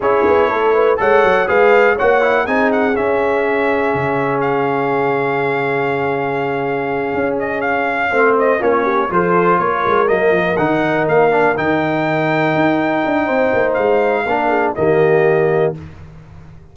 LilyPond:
<<
  \new Staff \with { instrumentName = "trumpet" } { \time 4/4 \tempo 4 = 122 cis''2 fis''4 f''4 | fis''4 gis''8 fis''8 e''2~ | e''4 f''2.~ | f''2. dis''8 f''8~ |
f''4 dis''8 cis''4 c''4 cis''8~ | cis''8 dis''4 fis''4 f''4 g''8~ | g''1 | f''2 dis''2 | }
  \new Staff \with { instrumentName = "horn" } { \time 4/4 gis'4 a'8 b'8 cis''4 b'4 | cis''4 gis'2.~ | gis'1~ | gis'1~ |
gis'8 c''4 f'8 g'8 a'4 ais'8~ | ais'1~ | ais'2. c''4~ | c''4 ais'8 gis'8 g'2 | }
  \new Staff \with { instrumentName = "trombone" } { \time 4/4 e'2 a'4 gis'4 | fis'8 e'8 dis'4 cis'2~ | cis'1~ | cis'1~ |
cis'8 c'4 cis'4 f'4.~ | f'8 ais4 dis'4. d'8 dis'8~ | dis'1~ | dis'4 d'4 ais2 | }
  \new Staff \with { instrumentName = "tuba" } { \time 4/4 cis'8 b8 a4 gis8 fis8 gis4 | ais4 c'4 cis'2 | cis1~ | cis2~ cis8 cis'4.~ |
cis'8 a4 ais4 f4 ais8 | gis8 fis8 f8 dis4 ais4 dis8~ | dis4. dis'4 d'8 c'8 ais8 | gis4 ais4 dis2 | }
>>